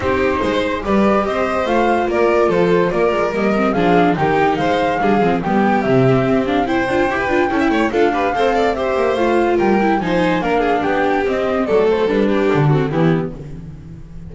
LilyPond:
<<
  \new Staff \with { instrumentName = "flute" } { \time 4/4 \tempo 4 = 144 c''2 d''4 dis''4 | f''4 d''4 c''4 d''4 | dis''4 f''4 g''4 f''4~ | f''4 g''4 e''4. f''8 |
g''2. f''4~ | f''4 e''4 f''4 g''4 | gis''4 f''4 g''4 dis''4 | d''8 c''8 b'4 a'4 g'4 | }
  \new Staff \with { instrumentName = "violin" } { \time 4/4 g'4 c''4 b'4 c''4~ | c''4 ais'4 a'4 ais'4~ | ais'4 gis'4 g'4 c''4 | gis'4 g'2. |
c''4~ c''16 b'8. a'16 e''16 cis''8 a'8 b'8 | c''8 d''8 c''2 ais'4 | c''4 ais'8 gis'8 g'2 | a'4. g'4 fis'8 e'4 | }
  \new Staff \with { instrumentName = "viola" } { \time 4/4 dis'2 g'2 | f'1 | ais8 c'8 d'4 dis'2 | d'8 c'8 b4 c'4. d'8 |
e'8 f'8 g'8 f'8 e'4 f'8 g'8 | a'4 g'4 f'4. e'8 | dis'4 d'2 c'4 | a4 d'4. c'8 b4 | }
  \new Staff \with { instrumentName = "double bass" } { \time 4/4 c'4 gis4 g4 c'4 | a4 ais4 f4 ais8 gis8 | g4 f4 dis4 gis4 | g8 f8 g4 c4 c'4~ |
c'8 d'8 e'8 d'8 cis'8 a8 d'4 | c'4. ais8 a4 g4 | f4 ais4 b4 c'4 | fis4 g4 d4 e4 | }
>>